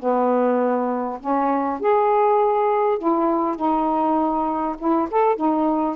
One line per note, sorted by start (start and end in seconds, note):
0.00 1.20 B3
1.21 1.80 C#4
1.80 2.99 G#4
2.99 3.56 E4
3.56 4.76 D#4
4.79 5.09 E4
5.11 5.37 A4
5.37 5.96 D#4